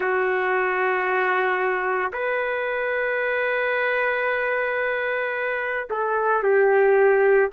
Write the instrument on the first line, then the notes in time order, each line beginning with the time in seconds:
trumpet
0.00 F#4
2.12 B4
5.89 A4
6.43 G4